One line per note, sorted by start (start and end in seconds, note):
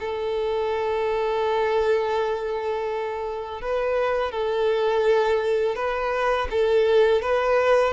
0.00 3.61 A4
3.61 4.31 B4
4.31 5.75 A4
5.75 6.48 B4
6.50 7.22 A4
7.22 7.93 B4